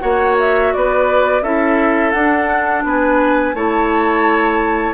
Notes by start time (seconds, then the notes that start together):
0.00 A#3 F#4 C#5 F#5
0.40 E5
0.73 B3 B4 D5
1.42 C#4 E4 A4 E5
2.11 D4 F#5
2.84 B3 B4 G#5
3.54 A3 E4 C#5 A5